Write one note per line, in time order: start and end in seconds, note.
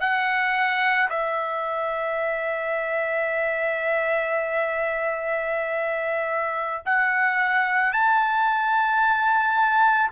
0.00 1.09 F#5
1.10 6.82 E5
6.85 7.92 F#5
7.92 10.11 A5